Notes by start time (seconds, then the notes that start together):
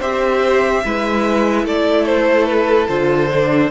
0.00 C4 G4 C5 E5
0.85 G#3 E4 B4
1.65 A3 A4 D5
2.07 C5
2.47 B4
2.89 D3 F4 C5
3.31 D4